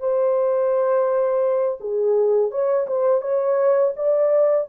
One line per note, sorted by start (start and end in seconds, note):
0.00 1.79 C5
1.80 2.51 G#4
2.51 2.87 C#5
2.87 3.22 C5
3.22 3.93 C#5
3.96 4.68 D5